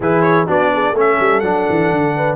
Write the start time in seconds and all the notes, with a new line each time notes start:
0.00 E3 E4 G#4 B4
0.21 C#5
0.46 B3 D4 F#4 D5
0.73 G#4
0.93 A3 C#4 A4
0.99 E5
1.19 G3
1.39 F#3 D4 F#5
1.69 E3
1.91 D3
2.15 B4